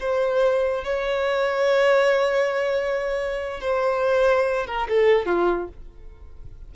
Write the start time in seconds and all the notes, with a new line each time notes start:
0.00 C5
0.84 C#5
3.61 C5
4.67 A#4
4.89 A4
5.26 F4